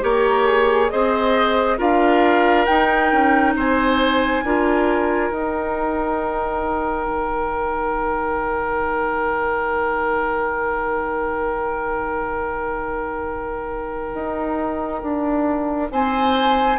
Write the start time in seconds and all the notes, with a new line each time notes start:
0.00 A#3 G4 A#4 C#5
0.46 G#4
0.90 C4 G#4 C5 D#5
1.78 D4 F4 A#4 F5
2.65 D#4 G5
3.12 C#4
3.55 C4 C5 G#5
4.43 D4 F4 A#4
5.31 D#4 G5
7.06 D#3
14.14 D#4
15.02 D4
15.91 C4 C5 G#5